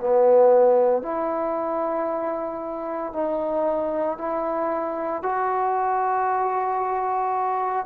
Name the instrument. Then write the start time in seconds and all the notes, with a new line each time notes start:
trombone
0.00 B3
1.02 E4
3.13 D#4
4.18 E4
5.23 F#4